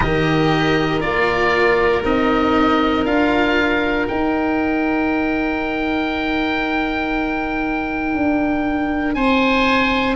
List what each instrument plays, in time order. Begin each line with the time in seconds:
0.00 tuba D#3, cello G4, oboe A#4 D#5
1.00 tuba A#3, cello F4, oboe D5
2.04 tuba C4, cello D#4, oboe D#5
3.05 tuba D4, cello F4, oboe F5
4.06 cello D#4, tuba D#4, oboe G5
8.14 tuba D4
9.14 tuba C4, oboe C5 G#5